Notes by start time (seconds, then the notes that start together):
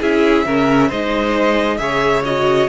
0.00 C#4 E4 G#4 E5
0.46 C#3 C#4 A#4
0.88 G#3 D#4 C5 D#5
1.78 C#3 G#4 C#5 E5
2.25 F#4 D#5